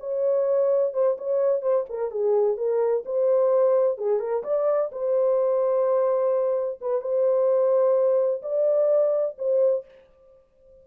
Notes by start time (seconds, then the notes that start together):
0.00 C#5
0.94 C5
1.18 C#5
1.62 C5
1.89 A#4
2.11 G#4
2.57 A#4
3.06 C5
3.98 G#4
4.20 A#4
4.44 D5
4.92 C5
6.81 B4
7.01 C5
8.42 D5
9.38 C5